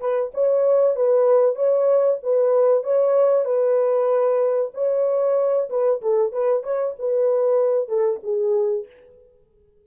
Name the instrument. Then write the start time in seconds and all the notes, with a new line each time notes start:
horn
0.00 B4
0.34 C#5
0.96 B4
1.56 C#5
2.23 B4
2.84 C#5
3.45 B4
4.74 C#5
5.70 B4
6.02 A4
6.32 B4
6.63 C#5
6.99 B4
7.88 A4
8.23 G#4